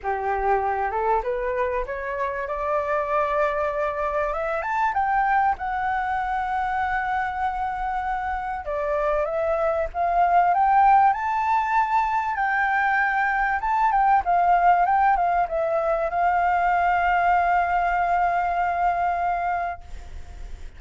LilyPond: \new Staff \with { instrumentName = "flute" } { \time 4/4 \tempo 4 = 97 g'4. a'8 b'4 cis''4 | d''2. e''8 a''8 | g''4 fis''2.~ | fis''2 d''4 e''4 |
f''4 g''4 a''2 | g''2 a''8 g''8 f''4 | g''8 f''8 e''4 f''2~ | f''1 | }